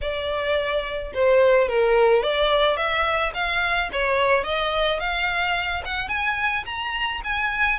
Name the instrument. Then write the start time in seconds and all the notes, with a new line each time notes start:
violin
0.01 D5
1.13 C5
1.68 A#4
2.22 D5
2.76 E5
3.33 F5
3.92 C#5
4.44 D#5
4.99 F5
5.85 F#5
6.08 G#5
6.65 A#5
7.24 G#5